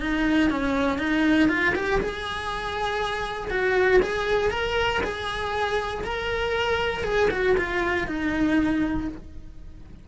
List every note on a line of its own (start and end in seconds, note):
0.00 0.50 D#4
0.50 0.98 C#4
0.98 1.49 D#4
1.49 1.74 F4
1.75 2.00 G4
2.01 3.50 G#4
3.50 4.00 F#4
4.02 4.51 G#4
4.51 5.01 A#4
5.03 6.04 G#4
6.04 7.04 A#4
7.04 7.29 G#4
7.30 7.56 F#4
7.57 8.07 F4
8.07 9.08 D#4